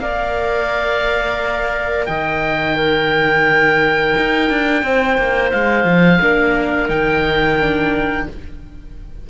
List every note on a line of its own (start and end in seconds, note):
0.00 2.07 A#3
0.00 2.76 A#4
0.00 2.08 D5
0.00 2.06 F5
2.06 4.16 D#3
2.06 2.76 D#5
2.06 5.51 G5
2.76 6.21 D#4
2.76 4.83 A#4
4.17 4.50 D#4
4.50 4.83 D4
4.83 5.18 C4
4.83 6.21 C5
5.18 5.53 A#3
5.51 5.85 G#3
5.51 6.89 F5
5.85 6.19 F3
6.21 6.89 A#3
6.21 6.89 D4
6.21 8.28 A#4
6.89 8.27 D#3
6.89 7.58 D#4
6.89 8.27 G5
7.61 8.30 D4